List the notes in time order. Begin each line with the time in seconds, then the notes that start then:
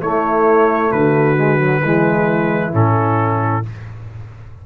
0.00 A3 E4 C#5
0.91 D3 F#4 B4
1.36 G#3
1.58 F#3
1.83 E3 G#3 E4
2.72 A2 C#4 A4